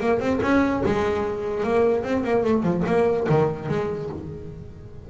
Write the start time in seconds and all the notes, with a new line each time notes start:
0.00 A#3
0.19 C4
0.42 C#4
0.85 G#3
1.63 A#3
2.03 C4
2.24 A#3
2.43 A3
2.63 F3
2.86 A#3
3.29 D#3
3.68 G#3